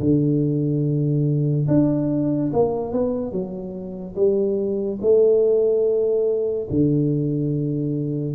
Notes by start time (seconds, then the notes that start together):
0.00 D3
1.68 D4
2.53 A#3
2.92 B3
3.31 F#3
4.15 G3
5.01 A3
6.70 D3